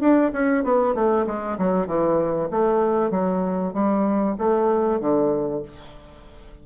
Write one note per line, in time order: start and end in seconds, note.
0.00 0.31 D4
0.32 0.63 C#4
0.64 0.94 B3
0.94 1.26 A3
1.26 1.57 G#3
1.58 1.86 F#3
1.86 2.49 E3
2.50 3.11 A3
3.11 3.73 F#3
3.73 4.36 G3
4.38 5.00 A3
5.00 5.62 D3